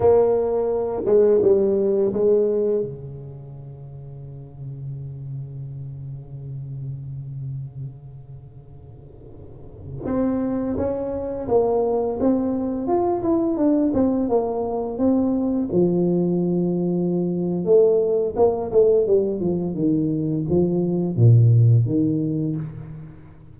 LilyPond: \new Staff \with { instrumentName = "tuba" } { \time 4/4 \tempo 4 = 85 ais4. gis8 g4 gis4 | cis1~ | cis1~ | cis2~ cis16 c'4 cis'8.~ |
cis'16 ais4 c'4 f'8 e'8 d'8 c'16~ | c'16 ais4 c'4 f4.~ f16~ | f4 a4 ais8 a8 g8 f8 | dis4 f4 ais,4 dis4 | }